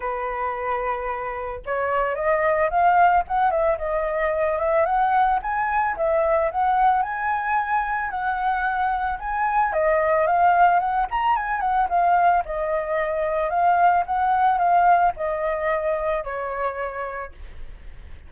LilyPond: \new Staff \with { instrumentName = "flute" } { \time 4/4 \tempo 4 = 111 b'2. cis''4 | dis''4 f''4 fis''8 e''8 dis''4~ | dis''8 e''8 fis''4 gis''4 e''4 | fis''4 gis''2 fis''4~ |
fis''4 gis''4 dis''4 f''4 | fis''8 ais''8 gis''8 fis''8 f''4 dis''4~ | dis''4 f''4 fis''4 f''4 | dis''2 cis''2 | }